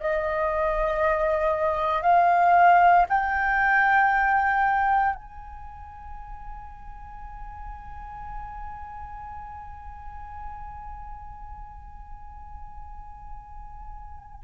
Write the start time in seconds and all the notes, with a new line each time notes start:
0.00 D#5
2.02 F5
3.08 G5
5.15 G#5